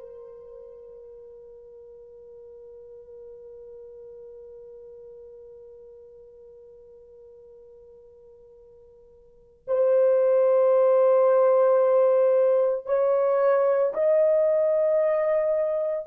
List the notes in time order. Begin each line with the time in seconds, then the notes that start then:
0.00 A#4
9.68 C5
12.86 C#5
13.94 D#5